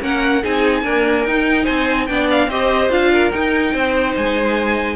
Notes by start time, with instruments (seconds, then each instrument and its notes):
0.00 cello A#3, viola C#4, violin A#4 F#5
0.42 cello C4, viola D#4, violin G#4 G#5
0.82 viola A#3, cello D4, violin A#4
1.24 cello D#4, viola D#4, violin G5
1.63 cello C4, violin C5 G#5
2.06 cello B3, viola D4, violin D5 G5
2.30 violin F5
2.47 cello C4, viola G4, violin C5 D#5
2.89 cello D4, viola F4, violin F5
3.11 violin A#4
3.31 viola D#4, cello D#4, violin G5
3.72 cello C4, violin C5
4.16 cello G#3, violin G#5